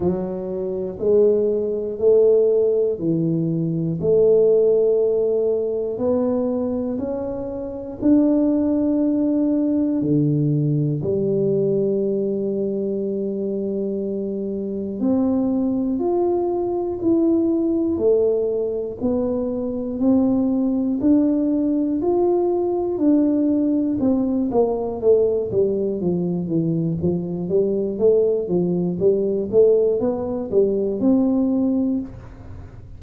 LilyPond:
\new Staff \with { instrumentName = "tuba" } { \time 4/4 \tempo 4 = 60 fis4 gis4 a4 e4 | a2 b4 cis'4 | d'2 d4 g4~ | g2. c'4 |
f'4 e'4 a4 b4 | c'4 d'4 f'4 d'4 | c'8 ais8 a8 g8 f8 e8 f8 g8 | a8 f8 g8 a8 b8 g8 c'4 | }